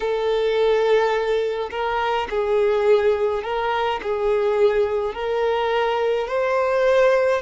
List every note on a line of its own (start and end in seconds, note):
0.00 1.69 A4
1.70 2.28 A#4
2.29 3.43 G#4
3.43 4.00 A#4
4.02 5.14 G#4
5.14 6.27 A#4
6.27 7.41 C5